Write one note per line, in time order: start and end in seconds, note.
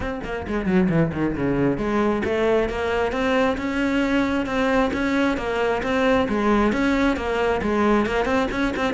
0.00 0.20 C4
0.24 0.46 A#3
0.47 0.66 G#3
0.66 0.88 F#3
0.89 1.11 E3
1.12 1.35 D#3
1.35 1.77 C#3
1.77 2.22 G#3
2.24 2.69 A3
2.69 3.12 A#3
3.12 3.57 C4
3.57 4.46 C#4
4.46 4.90 C4
4.93 5.37 C#4
5.37 5.81 A#3
5.82 6.27 C4
6.28 6.72 G#3
6.72 7.16 C#4
7.16 7.61 A#3
7.62 8.06 G#3
8.06 8.25 A#3
8.25 8.47 C4
8.51 8.73 C#4
8.76 8.93 C4